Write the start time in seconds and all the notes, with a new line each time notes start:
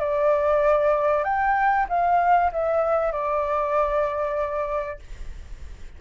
0.00 D5
1.24 G5
1.89 F5
2.52 E5
3.12 D5